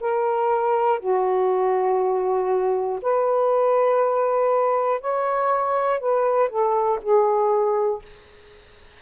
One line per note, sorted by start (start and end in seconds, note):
0.00 0.99 A#4
0.99 2.99 F#4
3.02 5.00 B4
5.00 6.00 C#5
6.00 6.49 B4
6.49 6.99 A4
7.01 8.01 G#4